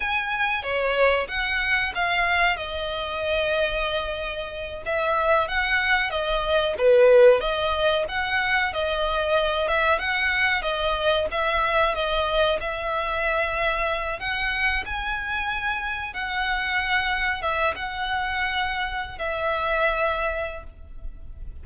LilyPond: \new Staff \with { instrumentName = "violin" } { \time 4/4 \tempo 4 = 93 gis''4 cis''4 fis''4 f''4 | dis''2.~ dis''8 e''8~ | e''8 fis''4 dis''4 b'4 dis''8~ | dis''8 fis''4 dis''4. e''8 fis''8~ |
fis''8 dis''4 e''4 dis''4 e''8~ | e''2 fis''4 gis''4~ | gis''4 fis''2 e''8 fis''8~ | fis''4.~ fis''16 e''2~ e''16 | }